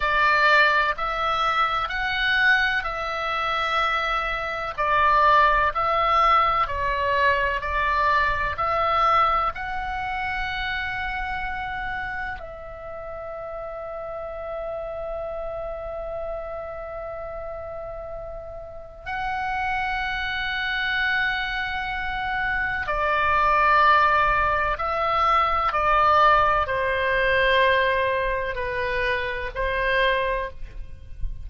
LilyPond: \new Staff \with { instrumentName = "oboe" } { \time 4/4 \tempo 4 = 63 d''4 e''4 fis''4 e''4~ | e''4 d''4 e''4 cis''4 | d''4 e''4 fis''2~ | fis''4 e''2.~ |
e''1 | fis''1 | d''2 e''4 d''4 | c''2 b'4 c''4 | }